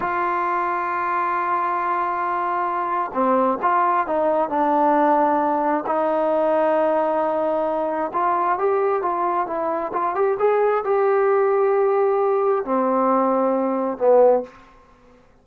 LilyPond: \new Staff \with { instrumentName = "trombone" } { \time 4/4 \tempo 4 = 133 f'1~ | f'2. c'4 | f'4 dis'4 d'2~ | d'4 dis'2.~ |
dis'2 f'4 g'4 | f'4 e'4 f'8 g'8 gis'4 | g'1 | c'2. b4 | }